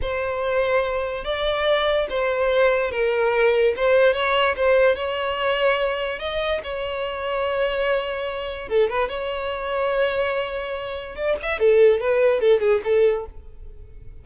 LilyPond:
\new Staff \with { instrumentName = "violin" } { \time 4/4 \tempo 4 = 145 c''2. d''4~ | d''4 c''2 ais'4~ | ais'4 c''4 cis''4 c''4 | cis''2. dis''4 |
cis''1~ | cis''4 a'8 b'8 cis''2~ | cis''2. d''8 e''8 | a'4 b'4 a'8 gis'8 a'4 | }